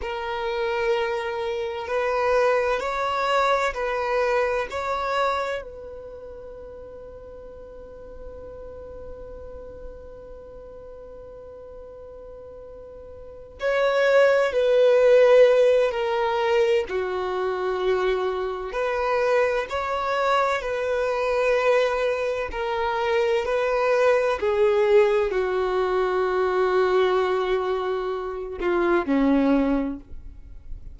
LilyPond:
\new Staff \with { instrumentName = "violin" } { \time 4/4 \tempo 4 = 64 ais'2 b'4 cis''4 | b'4 cis''4 b'2~ | b'1~ | b'2~ b'8 cis''4 b'8~ |
b'4 ais'4 fis'2 | b'4 cis''4 b'2 | ais'4 b'4 gis'4 fis'4~ | fis'2~ fis'8 f'8 cis'4 | }